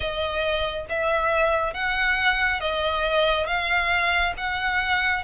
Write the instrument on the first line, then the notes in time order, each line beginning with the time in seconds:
violin
0.00 D#5
0.89 E5
1.73 F#5
2.60 D#5
3.46 F5
4.37 F#5